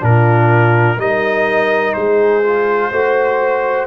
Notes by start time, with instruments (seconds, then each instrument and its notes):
0.00 tuba A#2, trombone D4, horn F4, trumpet A#4
0.97 tuba G3, trombone D#4, horn A#4, trumpet D#5
1.93 tuba G#3, horn G#4, trumpet C5
2.44 trombone F4
2.91 tuba A3, trombone F#4, horn C5